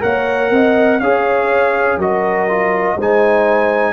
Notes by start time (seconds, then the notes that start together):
0.00 A#3 A#4 C#5 F#5
0.51 C4 D#5
1.00 C#4 G#4 C#5 F5
1.97 F#3 F#4 A#4 D#5
2.49 F4
2.97 G#3 D#4 C5 G#5